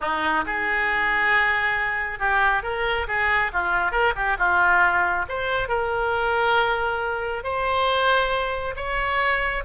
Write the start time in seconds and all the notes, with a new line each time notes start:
0.01 D#4
0.46 G#4
2.19 G4
2.63 A#4
3.07 G#4
3.52 F4
3.91 A#4
4.15 G4
4.38 F4
5.29 C5
5.68 A#4
7.43 C5
8.76 C#5